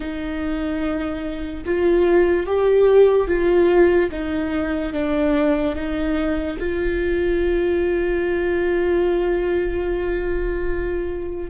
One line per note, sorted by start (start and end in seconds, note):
0.00 1.64 D#4
1.65 2.46 F4
2.46 3.27 G4
3.27 4.09 F4
4.11 4.92 D#4
4.92 5.75 D4
5.75 6.57 D#4
6.59 11.50 F4